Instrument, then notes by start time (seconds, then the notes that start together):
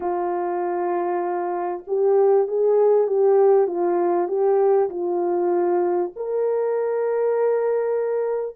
horn
0.00 F4
1.87 G4
2.47 G#4
3.07 G4
3.67 F4
4.27 G4
4.89 F4
6.16 A#4